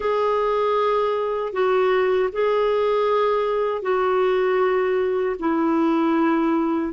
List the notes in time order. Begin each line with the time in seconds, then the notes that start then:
0.00 G#4
1.52 F#4
2.32 G#4
3.82 F#4
5.39 E4